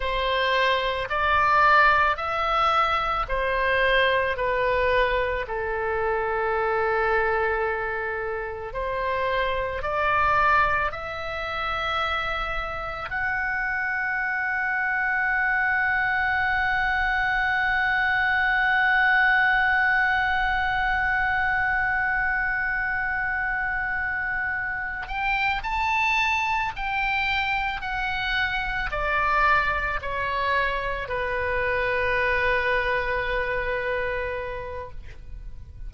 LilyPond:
\new Staff \with { instrumentName = "oboe" } { \time 4/4 \tempo 4 = 55 c''4 d''4 e''4 c''4 | b'4 a'2. | c''4 d''4 e''2 | fis''1~ |
fis''1~ | fis''2. g''8 a''8~ | a''8 g''4 fis''4 d''4 cis''8~ | cis''8 b'2.~ b'8 | }